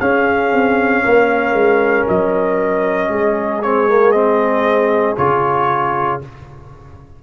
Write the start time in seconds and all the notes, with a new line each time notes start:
0.00 C#4 G#4 F5
0.52 C4
1.04 A#3 A#4
1.53 G#3
2.08 F#3 D#5
3.08 G#3 G#4
3.62 C4 C#5
3.88 A#3
4.12 C4 D#5
5.17 C#3 F4 C#5